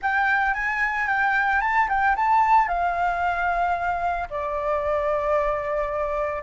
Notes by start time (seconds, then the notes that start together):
0.01 G5
0.54 G#5
1.07 G5
1.61 A5
1.88 G5
2.16 A5
2.67 F5
4.30 D5